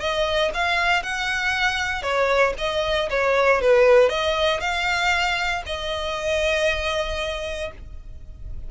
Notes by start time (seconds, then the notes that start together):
0.00 D#5
0.54 F5
1.03 F#5
2.02 C#5
2.58 D#5
3.10 C#5
3.61 B4
4.09 D#5
4.60 F5
5.66 D#5